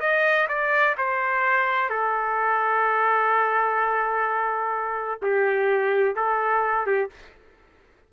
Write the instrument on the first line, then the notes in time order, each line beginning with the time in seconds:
trumpet
0.00 D#5
0.48 D5
0.97 C5
1.89 A4
5.22 G4
6.15 A4
6.86 G4